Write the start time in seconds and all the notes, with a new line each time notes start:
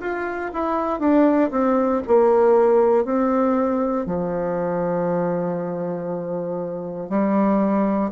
0.00 F4
0.53 E4
0.99 D4
1.51 C4
2.07 A#3
3.04 C4
4.06 F3
7.09 G3